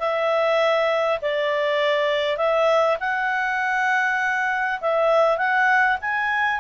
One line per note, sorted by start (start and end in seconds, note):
0.00 1.20 E5
1.22 2.38 D5
2.38 2.98 E5
3.01 4.81 F#5
4.81 5.38 E5
5.38 5.98 F#5
6.01 6.61 G#5